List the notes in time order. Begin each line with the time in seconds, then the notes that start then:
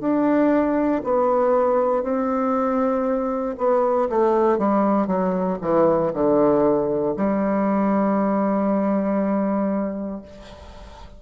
0.00 D4
1.04 B3
2.03 C4
3.58 B3
4.10 A3
4.58 G3
5.07 F#3
5.61 E3
6.13 D3
7.16 G3